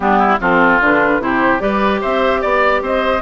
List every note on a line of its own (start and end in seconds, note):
0.00 0.38 G3
0.00 0.39 B3
0.00 0.18 D4
0.00 0.39 G4
0.18 0.38 E4
0.40 0.80 F3
0.40 0.80 C4
0.40 1.21 F4
0.40 0.82 A4
0.80 1.19 D3
0.80 1.19 D4
0.80 1.22 B4
1.19 1.59 C3
1.19 1.59 E4
1.19 1.62 G4
1.19 1.59 C5
1.59 2.01 G3
1.59 3.20 G4
1.59 2.01 B4
1.59 2.00 D5
2.01 2.43 C4
2.01 2.41 C5
2.01 2.41 E5
2.41 2.81 B3
2.41 2.81 D5
2.81 3.21 C4
2.81 3.21 C5
2.81 3.21 D#5